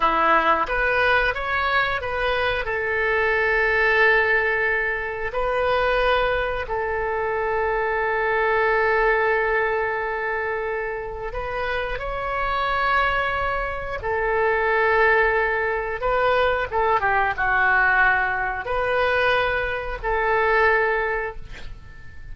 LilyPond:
\new Staff \with { instrumentName = "oboe" } { \time 4/4 \tempo 4 = 90 e'4 b'4 cis''4 b'4 | a'1 | b'2 a'2~ | a'1~ |
a'4 b'4 cis''2~ | cis''4 a'2. | b'4 a'8 g'8 fis'2 | b'2 a'2 | }